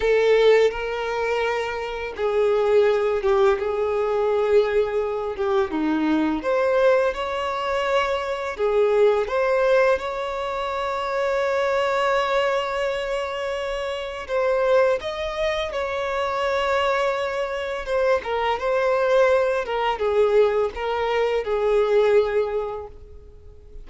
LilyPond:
\new Staff \with { instrumentName = "violin" } { \time 4/4 \tempo 4 = 84 a'4 ais'2 gis'4~ | gis'8 g'8 gis'2~ gis'8 g'8 | dis'4 c''4 cis''2 | gis'4 c''4 cis''2~ |
cis''1 | c''4 dis''4 cis''2~ | cis''4 c''8 ais'8 c''4. ais'8 | gis'4 ais'4 gis'2 | }